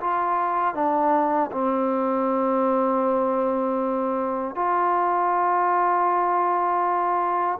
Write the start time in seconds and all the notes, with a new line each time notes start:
0.00 F4
0.74 D4
1.51 C4
4.55 F4